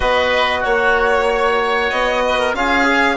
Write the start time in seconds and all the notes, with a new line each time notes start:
0.00 B3 F#4 B4 D#5
0.60 A#3 F#4 C#5
1.27 C#5
1.90 B3 D#5
2.28 B4
2.39 A#4
2.53 C#4 F4 G#4 F5
2.84 G#4